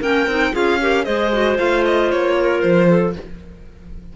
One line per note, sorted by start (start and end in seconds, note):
0.00 0.27 A#3
0.00 0.28 C#4
0.00 0.52 A#4
0.00 0.55 G5
0.27 0.53 C4
0.27 0.53 D#4
0.52 1.07 C#4
0.52 0.79 F4
0.52 0.79 G#4
0.52 1.05 F5
0.81 1.05 G4
0.81 1.06 A#4
1.05 1.59 G#3
1.05 1.31 G#4
1.05 2.36 C5
1.05 1.57 D#5
1.32 1.57 F#4
1.57 2.12 A3
1.57 3.14 F4
1.57 1.85 F5
1.85 2.11 D#5
2.11 2.64 A#3
2.11 2.61 C#5
2.40 2.89 A#4
2.61 3.16 F3
2.61 3.14 C5
2.89 3.15 A4